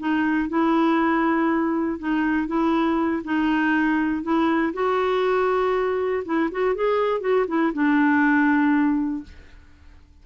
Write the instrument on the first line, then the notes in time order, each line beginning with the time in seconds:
clarinet
0.00 D#4
0.49 E4
1.99 D#4
2.48 E4
3.25 D#4
4.23 E4
4.74 F#4
6.25 E4
6.52 F#4
6.75 G#4
7.21 F#4
7.48 E4
7.74 D4